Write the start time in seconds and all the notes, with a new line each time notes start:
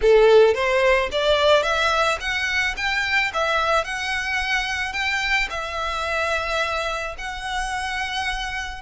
0.01 A4
0.54 C5
1.11 D5
1.62 E5
2.20 F#5
2.76 G5
3.33 E5
3.84 F#5
4.92 G5
5.49 E5
7.18 F#5